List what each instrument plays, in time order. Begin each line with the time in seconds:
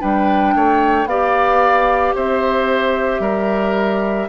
0.00 bassoon G3, clarinet D4, oboe B4, flute G5
0.55 bassoon A3, oboe C#5
1.06 bassoon B3, clarinet G4, oboe D5, flute F5
2.15 bassoon C4, oboe C5, flute E5
3.20 bassoon G3, oboe A#4